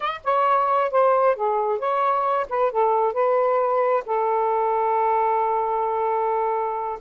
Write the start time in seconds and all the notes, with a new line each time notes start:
0.00 D#5
0.24 C#5
0.91 C5
1.35 G#4
1.78 C#5
2.49 B4
2.71 A4
3.13 B4
4.06 A4